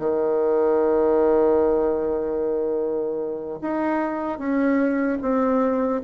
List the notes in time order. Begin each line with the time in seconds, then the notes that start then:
0.00 D#3
3.62 D#4
4.39 C#4
5.22 C4